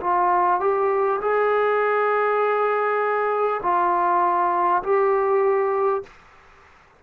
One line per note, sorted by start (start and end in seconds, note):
0.00 0.60 F4
0.60 1.20 G4
1.21 3.61 G#4
3.62 4.82 F4
4.83 6.03 G4